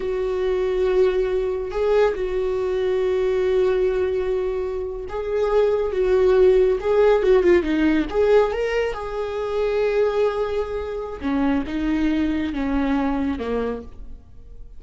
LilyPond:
\new Staff \with { instrumentName = "viola" } { \time 4/4 \tempo 4 = 139 fis'1 | gis'4 fis'2.~ | fis'2.~ fis'8. gis'16~ | gis'4.~ gis'16 fis'2 gis'16~ |
gis'8. fis'8 f'8 dis'4 gis'4 ais'16~ | ais'8. gis'2.~ gis'16~ | gis'2 cis'4 dis'4~ | dis'4 cis'2 ais4 | }